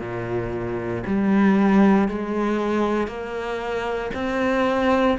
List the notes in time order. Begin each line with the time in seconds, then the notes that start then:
0.00 A#2
1.06 G3
2.08 G#3
3.07 A#3
4.14 C4